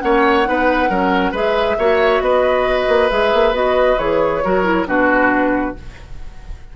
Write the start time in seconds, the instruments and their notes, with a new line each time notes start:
0.00 bassoon A#3, clarinet C#4, oboe C#5, flute F#5
0.44 bassoon B3, clarinet D#4, oboe B4
0.89 bassoon F#3, clarinet C#4, oboe A#4
1.31 bassoon G#3, clarinet G#4, oboe B4, flute E5
1.78 bassoon A#3, clarinet F#4, oboe C#5
2.20 bassoon B3, oboe B4, flute D#5
2.88 bassoon A#3
3.10 bassoon G#3, clarinet G#4, flute E5
3.33 bassoon A#3
3.52 bassoon B3, clarinet F#4, flute D#5
3.98 bassoon E3, clarinet G#4, flute C#5
4.44 bassoon F#3, clarinet F#4, oboe A#4
4.63 clarinet E4
4.86 bassoon B2, clarinet D4, oboe F#4, flute B4